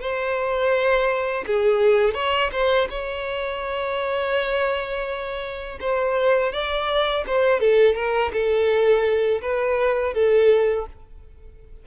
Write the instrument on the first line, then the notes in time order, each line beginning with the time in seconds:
violin
0.00 C5
1.46 G#4
2.14 C#5
2.52 C5
2.89 C#5
5.80 C5
6.52 D5
7.27 C5
7.60 A4
7.95 A#4
8.32 A4
9.41 B4
10.14 A4